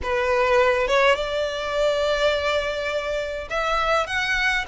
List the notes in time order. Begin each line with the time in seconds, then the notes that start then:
0.02 B4
0.87 C#5
1.15 D5
3.50 E5
4.06 F#5